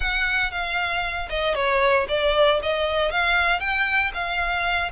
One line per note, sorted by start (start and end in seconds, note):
0.00 0.51 F#5
0.51 1.28 F5
1.29 1.54 D#5
1.54 2.06 C#5
2.08 2.60 D5
2.62 3.11 D#5
3.11 3.59 F5
3.59 4.11 G5
4.14 4.91 F5